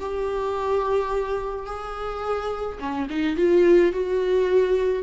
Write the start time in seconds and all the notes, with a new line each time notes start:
0.00 G4
1.67 G#4
2.80 C#4
3.10 D#4
3.37 F4
3.93 F#4